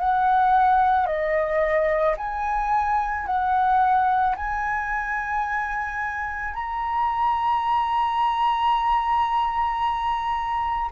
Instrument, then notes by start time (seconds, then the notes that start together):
flute
0.00 F#5
1.07 D#5
2.18 G#5
3.27 F#5
4.36 G#5
6.55 A#5